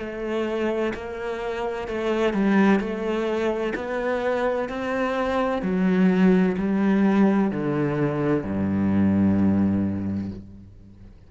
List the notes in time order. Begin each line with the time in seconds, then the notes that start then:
0.00 A3
0.94 A#3
1.88 A3
2.34 G3
2.80 A3
3.75 B3
4.69 C4
5.62 F#3
6.58 G3
7.51 D3
8.44 G2